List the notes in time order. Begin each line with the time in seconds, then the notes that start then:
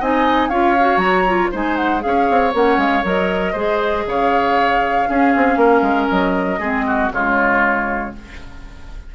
0.00 C4 D#4 D#5 G#5
0.49 C#4 F4 C#5 F5
0.80 F#4
0.97 F#3 A#5
1.27 F4
1.51 G#3 D#4 C5 G#5
1.76 F#5
2.00 C#4 G#4 F5
2.07 C#5
2.30 C4
2.54 A#3 C#4 F#5
2.77 G#3 F5
3.04 F#3 A#4 D#5
3.52 G#3 G#4 C5
4.06 C#3 C#5 F5
5.07 C#4 G#4
5.36 C4
5.57 A#3 A#4
5.82 G#3
6.09 F#3 D#5
6.59 G#3 C4 G#4
6.87 F#4
7.11 C#3 G#3 F4 C#5